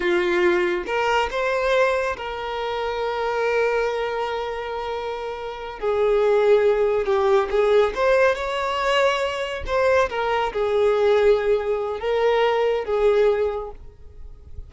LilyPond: \new Staff \with { instrumentName = "violin" } { \time 4/4 \tempo 4 = 140 f'2 ais'4 c''4~ | c''4 ais'2.~ | ais'1~ | ais'4. gis'2~ gis'8~ |
gis'8 g'4 gis'4 c''4 cis''8~ | cis''2~ cis''8 c''4 ais'8~ | ais'8 gis'2.~ gis'8 | ais'2 gis'2 | }